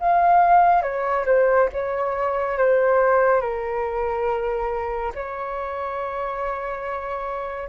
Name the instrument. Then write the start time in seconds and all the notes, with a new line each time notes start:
flute
0.00 F5
0.83 C#5
1.26 C5
1.73 C#5
2.58 C5
3.42 A#4
5.15 C#5